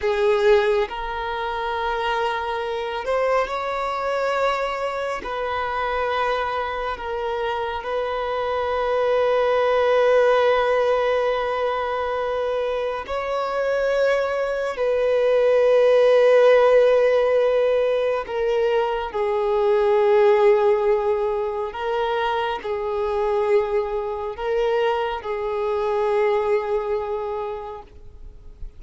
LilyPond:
\new Staff \with { instrumentName = "violin" } { \time 4/4 \tempo 4 = 69 gis'4 ais'2~ ais'8 c''8 | cis''2 b'2 | ais'4 b'2.~ | b'2. cis''4~ |
cis''4 b'2.~ | b'4 ais'4 gis'2~ | gis'4 ais'4 gis'2 | ais'4 gis'2. | }